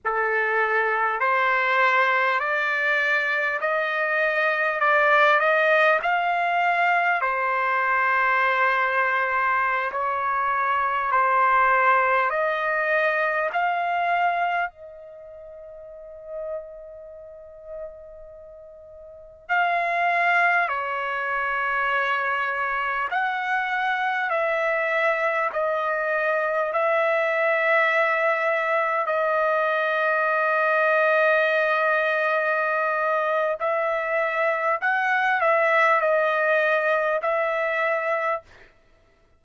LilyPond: \new Staff \with { instrumentName = "trumpet" } { \time 4/4 \tempo 4 = 50 a'4 c''4 d''4 dis''4 | d''8 dis''8 f''4 c''2~ | c''16 cis''4 c''4 dis''4 f''8.~ | f''16 dis''2.~ dis''8.~ |
dis''16 f''4 cis''2 fis''8.~ | fis''16 e''4 dis''4 e''4.~ e''16~ | e''16 dis''2.~ dis''8. | e''4 fis''8 e''8 dis''4 e''4 | }